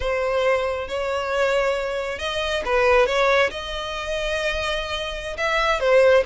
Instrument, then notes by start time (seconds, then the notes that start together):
violin
0.00 C5
0.88 C#5
2.18 D#5
2.65 B4
3.06 C#5
3.50 D#5
5.37 E5
5.79 C5